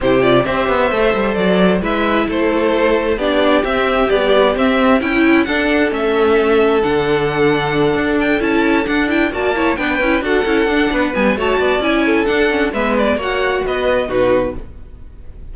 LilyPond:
<<
  \new Staff \with { instrumentName = "violin" } { \time 4/4 \tempo 4 = 132 c''8 d''8 e''2 d''4 | e''4 c''2 d''4 | e''4 d''4 e''4 g''4 | fis''4 e''2 fis''4~ |
fis''2 g''8 a''4 fis''8 | g''8 a''4 g''4 fis''4.~ | fis''8 gis''8 a''4 gis''4 fis''4 | e''8 d''8 fis''4 dis''4 b'4 | }
  \new Staff \with { instrumentName = "violin" } { \time 4/4 g'4 c''2. | b'4 a'2 g'4~ | g'2. e'4 | a'1~ |
a'1~ | a'8 d''8 cis''8 b'4 a'4. | b'4 cis''8 d''4 a'4. | b'4 cis''4 b'4 fis'4 | }
  \new Staff \with { instrumentName = "viola" } { \time 4/4 e'8 f'8 g'4 a'2 | e'2. d'4 | c'4 g4 c'4 e'4 | d'4 cis'2 d'4~ |
d'2~ d'8 e'4 d'8 | e'8 fis'8 e'8 d'8 e'8 fis'8 e'8 d'8~ | d'8 b8 fis'4 e'4 d'8 cis'8 | b4 fis'2 dis'4 | }
  \new Staff \with { instrumentName = "cello" } { \time 4/4 c4 c'8 b8 a8 g8 fis4 | gis4 a2 b4 | c'4 b4 c'4 cis'4 | d'4 a2 d4~ |
d4. d'4 cis'4 d'8~ | d'8 ais4 b8 cis'8 d'8 cis'8 d'8 | b8 g8 a8 b8 cis'4 d'4 | gis4 ais4 b4 b,4 | }
>>